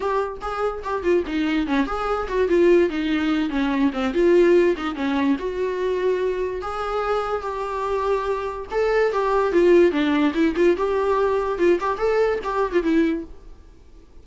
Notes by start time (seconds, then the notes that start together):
0.00 G4
0.41 G#4
0.83 G4
1.03 F4
1.26 D#4
1.66 C#4
1.86 G#4
2.28 F#4
2.48 F4
2.89 D#4
3.49 C#4
3.93 C4
4.13 F4
4.77 D#4
4.95 C#4
5.38 F#4
6.61 G#4
7.41 G4
8.71 A4
9.12 G4
9.52 F4
9.91 D4
10.34 E4
10.56 F4
10.76 G4
11.58 F4
11.80 G4
11.98 A4
12.43 G4
12.72 F4
12.82 E4